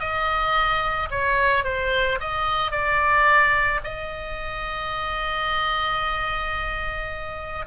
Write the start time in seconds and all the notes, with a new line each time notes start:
0.00 D#5
1.11 C#5
1.64 C5
2.20 D#5
2.71 D5
3.84 D#5